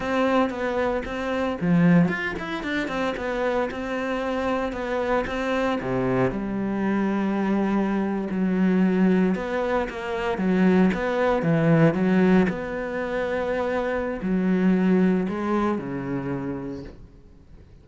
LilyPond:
\new Staff \with { instrumentName = "cello" } { \time 4/4 \tempo 4 = 114 c'4 b4 c'4 f4 | f'8 e'8 d'8 c'8 b4 c'4~ | c'4 b4 c'4 c4 | g2.~ g8. fis16~ |
fis4.~ fis16 b4 ais4 fis16~ | fis8. b4 e4 fis4 b16~ | b2. fis4~ | fis4 gis4 cis2 | }